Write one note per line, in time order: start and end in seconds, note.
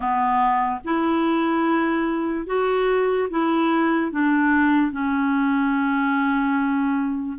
0.00 0.80 B3
0.84 2.46 E4
2.46 3.28 F#4
3.30 4.11 E4
4.11 4.91 D4
4.91 7.38 C#4